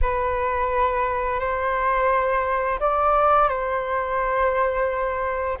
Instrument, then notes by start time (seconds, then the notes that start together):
flute
0.01 B4
1.40 C5
2.79 D5
3.49 C5